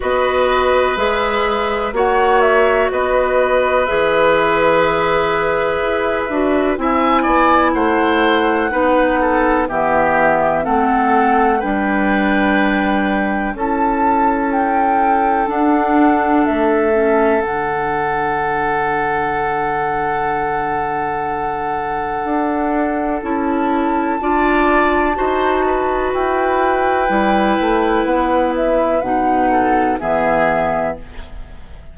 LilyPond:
<<
  \new Staff \with { instrumentName = "flute" } { \time 4/4 \tempo 4 = 62 dis''4 e''4 fis''8 e''8 dis''4 | e''2. gis''4 | fis''2 e''4 fis''4 | g''2 a''4 g''4 |
fis''4 e''4 fis''2~ | fis''1 | a''2. g''4~ | g''4 fis''8 e''8 fis''4 e''4 | }
  \new Staff \with { instrumentName = "oboe" } { \time 4/4 b'2 cis''4 b'4~ | b'2. e''8 d''8 | c''4 b'8 a'8 g'4 a'4 | b'2 a'2~ |
a'1~ | a'1~ | a'4 d''4 c''8 b'4.~ | b'2~ b'8 a'8 gis'4 | }
  \new Staff \with { instrumentName = "clarinet" } { \time 4/4 fis'4 gis'4 fis'2 | gis'2~ gis'8 fis'8 e'4~ | e'4 dis'4 b4 c'4 | d'2 e'2 |
d'4. cis'8 d'2~ | d'1 | e'4 f'4 fis'2 | e'2 dis'4 b4 | }
  \new Staff \with { instrumentName = "bassoon" } { \time 4/4 b4 gis4 ais4 b4 | e2 e'8 d'8 c'8 b8 | a4 b4 e4 a4 | g2 cis'2 |
d'4 a4 d2~ | d2. d'4 | cis'4 d'4 dis'4 e'4 | g8 a8 b4 b,4 e4 | }
>>